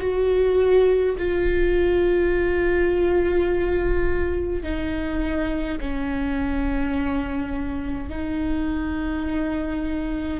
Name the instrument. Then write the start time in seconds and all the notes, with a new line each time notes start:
viola
0.00 F#4
1.18 F4
4.63 D#4
5.80 C#4
8.09 D#4